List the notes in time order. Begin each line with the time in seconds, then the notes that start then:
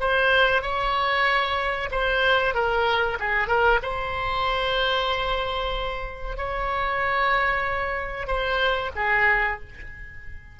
0.00 C5
0.62 C#5
1.91 C5
2.54 A#4
3.19 G#4
3.48 A#4
3.82 C5
6.37 C#5
8.27 C5
8.96 G#4